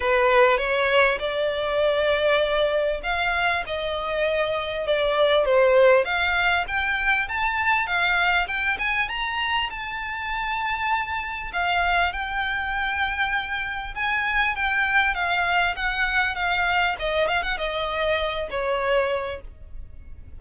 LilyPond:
\new Staff \with { instrumentName = "violin" } { \time 4/4 \tempo 4 = 99 b'4 cis''4 d''2~ | d''4 f''4 dis''2 | d''4 c''4 f''4 g''4 | a''4 f''4 g''8 gis''8 ais''4 |
a''2. f''4 | g''2. gis''4 | g''4 f''4 fis''4 f''4 | dis''8 f''16 fis''16 dis''4. cis''4. | }